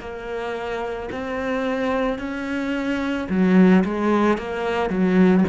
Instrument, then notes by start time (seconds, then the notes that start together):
cello
0.00 A#3
1.12 C4
2.19 C#4
3.29 F#3
3.84 G#3
4.38 A#3
4.90 F#3